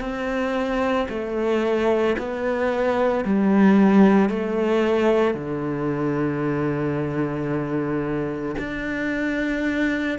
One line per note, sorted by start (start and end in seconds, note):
0.00 1.07 C4
1.09 2.16 A3
2.18 3.24 B3
3.24 4.29 G3
4.29 5.34 A3
5.34 8.55 D3
8.58 10.18 D4